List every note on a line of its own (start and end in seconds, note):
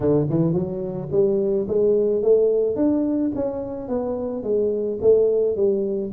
0.00 0.26 D3
0.29 0.53 E3
0.53 1.08 F#3
1.11 1.67 G3
1.68 2.22 G#3
2.22 2.76 A3
2.76 3.31 D4
3.35 3.88 C#4
3.88 4.43 B3
4.43 4.98 G#3
5.01 5.56 A3
5.56 6.11 G3